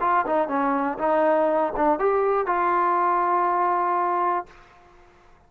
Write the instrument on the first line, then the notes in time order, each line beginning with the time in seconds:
trombone
0.00 F4
0.26 D#4
0.48 C#4
0.98 D#4
1.76 D4
1.99 G4
2.46 F4